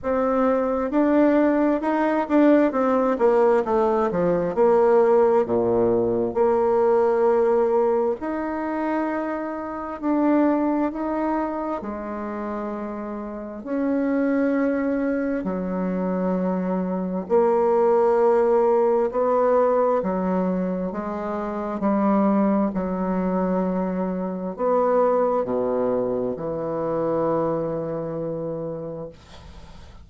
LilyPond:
\new Staff \with { instrumentName = "bassoon" } { \time 4/4 \tempo 4 = 66 c'4 d'4 dis'8 d'8 c'8 ais8 | a8 f8 ais4 ais,4 ais4~ | ais4 dis'2 d'4 | dis'4 gis2 cis'4~ |
cis'4 fis2 ais4~ | ais4 b4 fis4 gis4 | g4 fis2 b4 | b,4 e2. | }